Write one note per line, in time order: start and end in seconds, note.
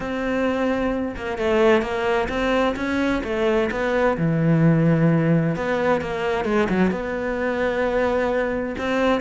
0.00 1.15 C4
1.16 1.37 A#3
1.37 1.81 A3
1.81 2.28 A#3
2.28 2.75 C4
2.76 3.22 C#4
3.23 3.69 A3
3.71 4.17 B3
4.17 5.56 E3
5.56 6.01 B3
6.01 6.44 A#3
6.44 6.67 G#3
6.69 6.90 F#3
6.90 8.75 B3
8.78 9.20 C4